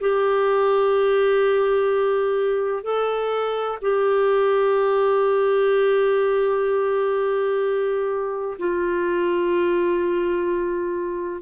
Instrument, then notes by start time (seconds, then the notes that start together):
clarinet
0.00 G4
2.83 A4
3.81 G4
8.59 F4